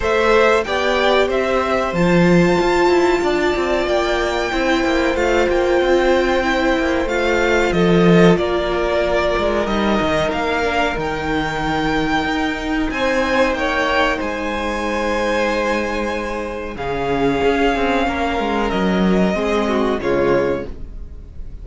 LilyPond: <<
  \new Staff \with { instrumentName = "violin" } { \time 4/4 \tempo 4 = 93 e''4 g''4 e''4 a''4~ | a''2 g''2 | f''8 g''2~ g''8 f''4 | dis''4 d''2 dis''4 |
f''4 g''2. | gis''4 g''4 gis''2~ | gis''2 f''2~ | f''4 dis''2 cis''4 | }
  \new Staff \with { instrumentName = "violin" } { \time 4/4 c''4 d''4 c''2~ | c''4 d''2 c''4~ | c''1 | a'4 ais'2.~ |
ais'1 | c''4 cis''4 c''2~ | c''2 gis'2 | ais'2 gis'8 fis'8 f'4 | }
  \new Staff \with { instrumentName = "viola" } { \time 4/4 a'4 g'2 f'4~ | f'2. e'4 | f'2 e'4 f'4~ | f'2. dis'4~ |
dis'8 d'8 dis'2.~ | dis'1~ | dis'2 cis'2~ | cis'2 c'4 gis4 | }
  \new Staff \with { instrumentName = "cello" } { \time 4/4 a4 b4 c'4 f4 | f'8 e'8 d'8 c'8 ais4 c'8 ais8 | a8 ais8 c'4. ais8 a4 | f4 ais4. gis8 g8 dis8 |
ais4 dis2 dis'4 | c'4 ais4 gis2~ | gis2 cis4 cis'8 c'8 | ais8 gis8 fis4 gis4 cis4 | }
>>